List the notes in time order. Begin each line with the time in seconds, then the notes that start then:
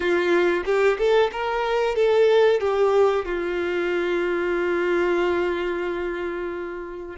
0.00 F4
0.65 G4
0.98 A4
1.32 A#4
1.95 A4
2.60 G4
3.25 F4